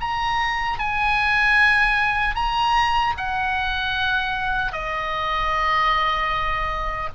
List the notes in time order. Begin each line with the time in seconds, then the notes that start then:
0.00 A#5
0.79 G#5
2.35 A#5
3.17 F#5
4.72 D#5